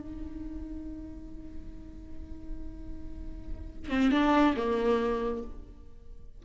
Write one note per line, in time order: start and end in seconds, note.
0.00 3.89 D#4
3.89 4.11 C4
4.11 4.54 D4
4.56 5.43 A#3